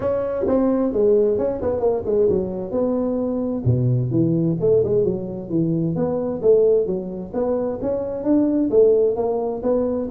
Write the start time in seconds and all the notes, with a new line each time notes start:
0.00 C#4
0.47 C4
0.92 G#3
1.37 C#4
1.61 B3
1.80 A#3
2.05 G#3
2.29 F#3
2.71 B3
3.64 B2
4.11 E3
4.60 A3
4.84 G#3
5.04 F#3
5.49 E3
5.95 B3
6.42 A3
6.86 F#3
7.33 B3
7.81 C#4
8.23 D4
8.70 A3
9.16 A#3
9.62 B3